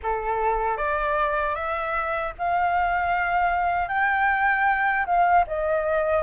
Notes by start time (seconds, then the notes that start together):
0.02 A4
0.77 D5
1.55 E5
2.38 F5
3.88 G5
5.05 F5
5.47 D#5